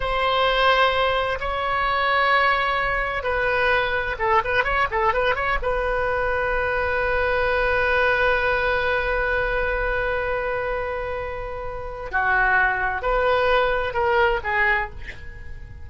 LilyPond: \new Staff \with { instrumentName = "oboe" } { \time 4/4 \tempo 4 = 129 c''2. cis''4~ | cis''2. b'4~ | b'4 a'8 b'8 cis''8 a'8 b'8 cis''8 | b'1~ |
b'1~ | b'1~ | b'2 fis'2 | b'2 ais'4 gis'4 | }